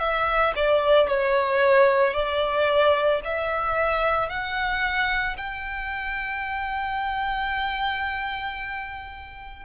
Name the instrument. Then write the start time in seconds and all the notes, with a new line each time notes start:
violin
0.00 E5
0.56 D5
1.09 C#5
2.14 D5
3.24 E5
4.30 F#5
5.37 G5